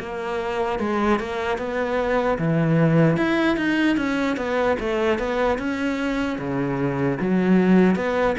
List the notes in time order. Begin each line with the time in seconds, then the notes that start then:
0.00 A#3
0.80 G#3
1.20 A#3
1.59 B3
2.39 E3
3.17 E4
3.57 D#4
3.97 C#4
4.37 B3
4.80 A3
5.19 B3
5.59 C#4
6.39 C#3
7.21 F#3
7.96 B3